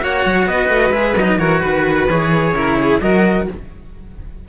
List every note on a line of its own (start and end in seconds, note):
0.00 0.25 A#3
0.00 0.92 F#4
0.00 0.48 C#5
0.00 0.48 F#5
0.25 0.46 F#3
0.46 0.69 B3
0.46 1.38 B4
0.46 0.92 D#5
0.69 0.90 A3
0.90 1.13 G#3
0.90 1.15 G#4
0.90 1.15 E5
1.16 1.39 F#3
1.16 1.39 D#4
1.16 1.39 D#5
1.38 1.62 E3
1.38 2.08 F#4
1.38 1.60 A#4
1.38 1.62 C#5
1.60 2.09 D#3
1.60 2.52 B4
1.60 2.09 B4
2.09 2.53 E3
2.09 2.55 G#4
2.09 3.01 C#5
2.53 2.99 C#3
2.53 3.02 E4
2.53 2.79 A#4
2.80 3.03 G#4
3.01 3.48 F#3
3.01 3.48 F#4
3.01 3.49 A#4
3.01 3.47 D#5